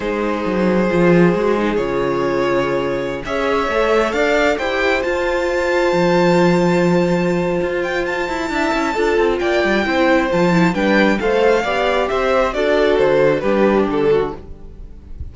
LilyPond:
<<
  \new Staff \with { instrumentName = "violin" } { \time 4/4 \tempo 4 = 134 c''1 | cis''2.~ cis''16 e''8.~ | e''4~ e''16 f''4 g''4 a''8.~ | a''1~ |
a''4. g''8 a''2~ | a''4 g''2 a''4 | g''4 f''2 e''4 | d''4 c''4 b'4 a'4 | }
  \new Staff \with { instrumentName = "violin" } { \time 4/4 gis'1~ | gis'2.~ gis'16 cis''8.~ | cis''4~ cis''16 d''4 c''4.~ c''16~ | c''1~ |
c''2. e''4 | a'4 d''4 c''2 | b'4 c''4 d''4 c''4 | a'2 g'4. fis'8 | }
  \new Staff \with { instrumentName = "viola" } { \time 4/4 dis'2 f'4 fis'8 dis'8 | f'2.~ f'16 gis'8.~ | gis'16 a'2 g'4 f'8.~ | f'1~ |
f'2. e'4 | f'2 e'4 f'8 e'8 | d'4 a'4 g'2 | fis'2 d'2 | }
  \new Staff \with { instrumentName = "cello" } { \time 4/4 gis4 fis4 f4 gis4 | cis2.~ cis16 cis'8.~ | cis'16 a4 d'4 e'4 f'8.~ | f'4~ f'16 f2~ f8.~ |
f4 f'4. e'8 d'8 cis'8 | d'8 c'8 ais8 g8 c'4 f4 | g4 a4 b4 c'4 | d'4 d4 g4 d4 | }
>>